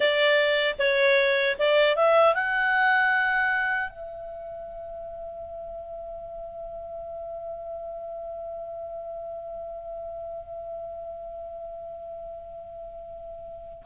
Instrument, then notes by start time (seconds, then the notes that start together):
clarinet
0.00 D5
0.78 C#5
1.58 D5
1.96 E5
2.34 F#5
3.90 E5